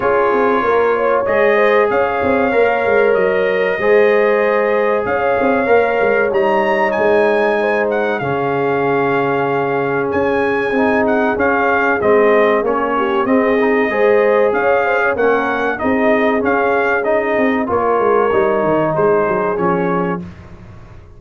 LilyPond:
<<
  \new Staff \with { instrumentName = "trumpet" } { \time 4/4 \tempo 4 = 95 cis''2 dis''4 f''4~ | f''4 dis''2. | f''2 ais''4 gis''4~ | gis''8 fis''8 f''2. |
gis''4. fis''8 f''4 dis''4 | cis''4 dis''2 f''4 | fis''4 dis''4 f''4 dis''4 | cis''2 c''4 cis''4 | }
  \new Staff \with { instrumentName = "horn" } { \time 4/4 gis'4 ais'8 cis''4 c''8 cis''4~ | cis''2 c''2 | cis''1 | c''4 gis'2.~ |
gis'1~ | gis'8 g'8 gis'4 c''4 cis''8 c''16 cis''16 | ais'4 gis'2. | ais'2 gis'2 | }
  \new Staff \with { instrumentName = "trombone" } { \time 4/4 f'2 gis'2 | ais'2 gis'2~ | gis'4 ais'4 dis'2~ | dis'4 cis'2.~ |
cis'4 dis'4 cis'4 c'4 | cis'4 c'8 dis'8 gis'2 | cis'4 dis'4 cis'4 dis'4 | f'4 dis'2 cis'4 | }
  \new Staff \with { instrumentName = "tuba" } { \time 4/4 cis'8 c'8 ais4 gis4 cis'8 c'8 | ais8 gis8 fis4 gis2 | cis'8 c'8 ais8 gis8 g4 gis4~ | gis4 cis2. |
cis'4 c'4 cis'4 gis4 | ais4 c'4 gis4 cis'4 | ais4 c'4 cis'4. c'8 | ais8 gis8 g8 dis8 gis8 fis8 f4 | }
>>